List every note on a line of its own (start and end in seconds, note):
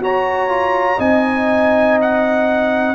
0.00 0.98 F#4
0.00 0.49 F#4
0.00 0.98 C#5
0.00 1.00 A#5
0.49 0.98 F4
0.98 2.95 C4
0.98 2.95 D#4
0.98 2.95 D#5
0.98 1.99 G#5
2.02 2.95 F#5